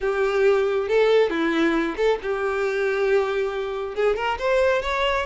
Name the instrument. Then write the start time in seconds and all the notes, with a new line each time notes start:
violin
0.00 G4
0.88 A4
1.30 E4
1.96 A4
2.22 G4
3.95 G#4
4.16 A#4
4.39 C5
4.82 C#5